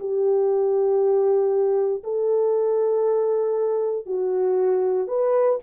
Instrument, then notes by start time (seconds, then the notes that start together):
horn
0.00 G4
2.04 A4
4.06 F#4
5.08 B4